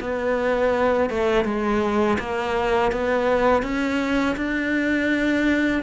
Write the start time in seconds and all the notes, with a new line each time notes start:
0.00 B3
1.09 A3
1.44 G#3
2.19 A#3
2.91 B3
3.63 C#4
4.36 D4